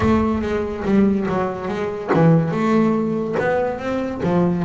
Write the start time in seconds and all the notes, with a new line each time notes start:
0.00 A3
0.41 G#3
0.84 G3
1.28 F#3
1.68 G#3
2.13 E3
2.51 A3
3.39 B3
3.79 C4
4.23 F3